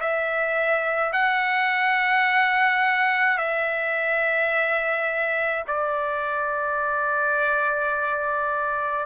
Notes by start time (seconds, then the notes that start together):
0.00 E5
1.13 F#5
3.38 E5
5.68 D5